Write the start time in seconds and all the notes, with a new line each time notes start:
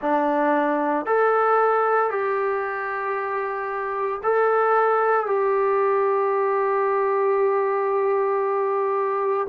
0.01 D4
1.06 A4
2.10 G4
4.23 A4
5.26 G4